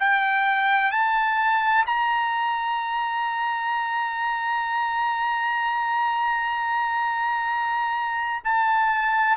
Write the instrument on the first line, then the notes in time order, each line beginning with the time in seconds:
trumpet
0.00 G5
0.92 A5
1.87 A#5
8.45 A5